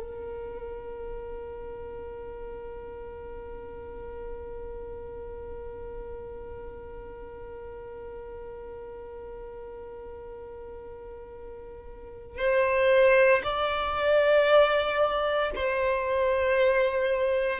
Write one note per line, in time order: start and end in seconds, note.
0.00 12.38 A#4
12.38 13.42 C5
13.43 15.50 D5
15.55 17.60 C5